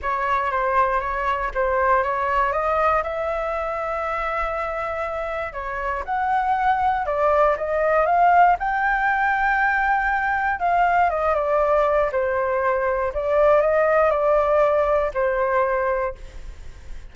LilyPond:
\new Staff \with { instrumentName = "flute" } { \time 4/4 \tempo 4 = 119 cis''4 c''4 cis''4 c''4 | cis''4 dis''4 e''2~ | e''2. cis''4 | fis''2 d''4 dis''4 |
f''4 g''2.~ | g''4 f''4 dis''8 d''4. | c''2 d''4 dis''4 | d''2 c''2 | }